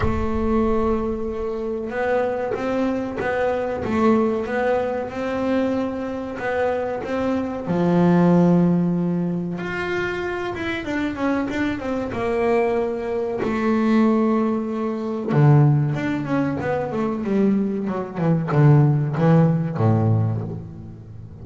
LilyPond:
\new Staff \with { instrumentName = "double bass" } { \time 4/4 \tempo 4 = 94 a2. b4 | c'4 b4 a4 b4 | c'2 b4 c'4 | f2. f'4~ |
f'8 e'8 d'8 cis'8 d'8 c'8 ais4~ | ais4 a2. | d4 d'8 cis'8 b8 a8 g4 | fis8 e8 d4 e4 a,4 | }